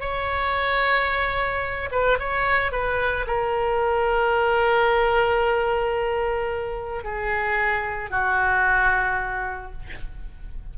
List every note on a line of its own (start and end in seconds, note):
0.00 1.89 C#5
1.91 2.18 B4
2.19 2.71 C#5
2.71 3.26 B4
3.27 7.04 A#4
7.04 8.10 G#4
8.10 9.72 F#4